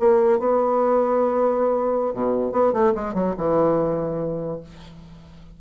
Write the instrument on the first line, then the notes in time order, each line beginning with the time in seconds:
bassoon
0.00 A#3
0.40 B3
2.14 B2
2.53 B3
2.73 A3
2.96 G#3
3.15 F#3
3.38 E3